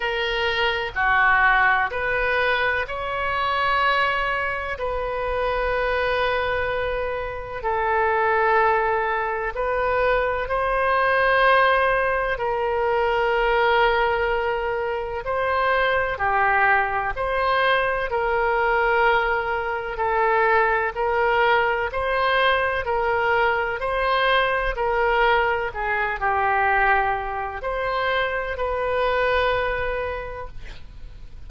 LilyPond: \new Staff \with { instrumentName = "oboe" } { \time 4/4 \tempo 4 = 63 ais'4 fis'4 b'4 cis''4~ | cis''4 b'2. | a'2 b'4 c''4~ | c''4 ais'2. |
c''4 g'4 c''4 ais'4~ | ais'4 a'4 ais'4 c''4 | ais'4 c''4 ais'4 gis'8 g'8~ | g'4 c''4 b'2 | }